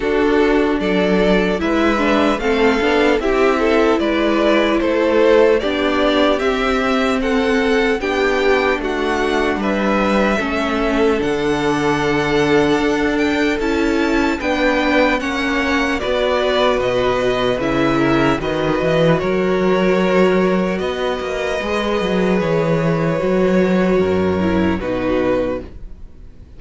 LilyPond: <<
  \new Staff \with { instrumentName = "violin" } { \time 4/4 \tempo 4 = 75 a'4 d''4 e''4 f''4 | e''4 d''4 c''4 d''4 | e''4 fis''4 g''4 fis''4 | e''2 fis''2~ |
fis''8 g''8 a''4 g''4 fis''4 | d''4 dis''4 e''4 dis''4 | cis''2 dis''2 | cis''2. b'4 | }
  \new Staff \with { instrumentName = "violin" } { \time 4/4 fis'4 a'4 b'4 a'4 | g'8 a'8 b'4 a'4 g'4~ | g'4 a'4 g'4 fis'4 | b'4 a'2.~ |
a'2 b'4 cis''4 | b'2~ b'8 ais'8 b'4 | ais'2 b'2~ | b'2 ais'4 fis'4 | }
  \new Staff \with { instrumentName = "viola" } { \time 4/4 d'2 e'8 d'8 c'8 d'8 | e'2. d'4 | c'2 d'2~ | d'4 cis'4 d'2~ |
d'4 e'4 d'4 cis'4 | fis'2 e'4 fis'4~ | fis'2. gis'4~ | gis'4 fis'4. e'8 dis'4 | }
  \new Staff \with { instrumentName = "cello" } { \time 4/4 d'4 fis4 gis4 a8 b8 | c'4 gis4 a4 b4 | c'2 b4 a4 | g4 a4 d2 |
d'4 cis'4 b4 ais4 | b4 b,4 cis4 dis8 e8 | fis2 b8 ais8 gis8 fis8 | e4 fis4 fis,4 b,4 | }
>>